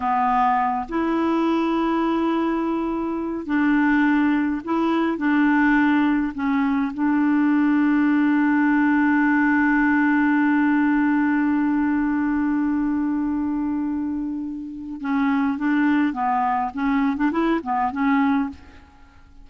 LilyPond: \new Staff \with { instrumentName = "clarinet" } { \time 4/4 \tempo 4 = 104 b4. e'2~ e'8~ | e'2 d'2 | e'4 d'2 cis'4 | d'1~ |
d'1~ | d'1~ | d'2 cis'4 d'4 | b4 cis'8. d'16 e'8 b8 cis'4 | }